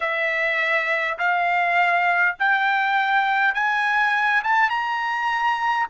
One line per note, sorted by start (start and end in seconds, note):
0.00 1.18 E5
1.18 2.36 F5
2.39 3.54 G5
3.54 4.42 G#5
4.43 4.69 A5
4.69 5.87 A#5